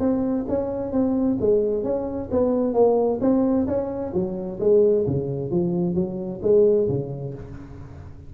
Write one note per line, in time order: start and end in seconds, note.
0.00 0.46 C4
0.49 0.92 C#4
0.92 1.38 C4
1.41 1.84 G#3
1.84 2.30 C#4
2.32 2.74 B3
2.74 3.20 A#3
3.21 3.67 C4
3.67 4.13 C#4
4.14 4.60 F#3
4.60 5.06 G#3
5.07 5.51 C#3
5.51 5.95 F3
5.95 6.41 F#3
6.43 6.88 G#3
6.89 7.34 C#3